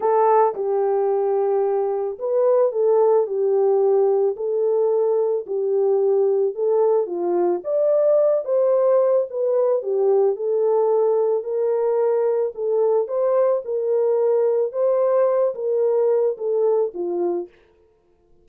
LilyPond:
\new Staff \with { instrumentName = "horn" } { \time 4/4 \tempo 4 = 110 a'4 g'2. | b'4 a'4 g'2 | a'2 g'2 | a'4 f'4 d''4. c''8~ |
c''4 b'4 g'4 a'4~ | a'4 ais'2 a'4 | c''4 ais'2 c''4~ | c''8 ais'4. a'4 f'4 | }